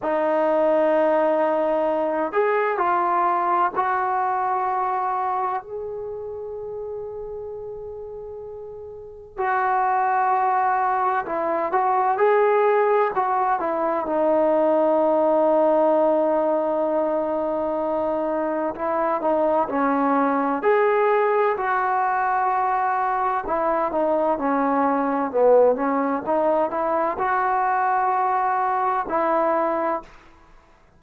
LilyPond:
\new Staff \with { instrumentName = "trombone" } { \time 4/4 \tempo 4 = 64 dis'2~ dis'8 gis'8 f'4 | fis'2 gis'2~ | gis'2 fis'2 | e'8 fis'8 gis'4 fis'8 e'8 dis'4~ |
dis'1 | e'8 dis'8 cis'4 gis'4 fis'4~ | fis'4 e'8 dis'8 cis'4 b8 cis'8 | dis'8 e'8 fis'2 e'4 | }